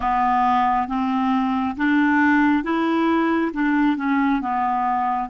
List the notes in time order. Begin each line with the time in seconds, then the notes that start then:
0.00 B3
0.87 C4
1.76 D4
2.63 E4
3.53 D4
3.97 C#4
4.41 B3